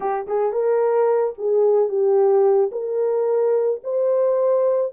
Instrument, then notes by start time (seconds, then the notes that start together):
horn
0.00 G4
0.27 G#4
0.52 A#4
1.38 G#4
1.88 G4
2.71 A#4
3.83 C5